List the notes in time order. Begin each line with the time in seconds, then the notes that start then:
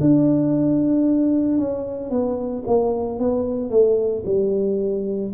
0.00 D4
1.57 C#4
2.10 B3
2.66 A#3
3.19 B3
3.70 A3
4.25 G3